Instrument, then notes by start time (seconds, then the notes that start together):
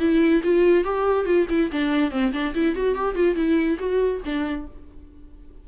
viola
0.00 E4
0.44 F4
0.85 G4
1.26 F4
1.50 E4
1.72 D4
2.11 C4
2.33 D4
2.55 E4
2.76 F#4
2.96 G4
3.16 F4
3.36 E4
3.79 F#4
4.25 D4